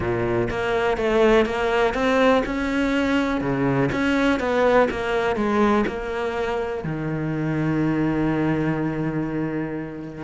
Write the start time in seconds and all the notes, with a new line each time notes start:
0.00 A#2
0.50 A#3
0.97 A3
1.45 A#3
1.94 C4
2.45 C#4
3.41 C#3
3.92 C#4
4.39 B3
4.90 A#3
5.35 G#3
5.86 A#3
6.83 D#3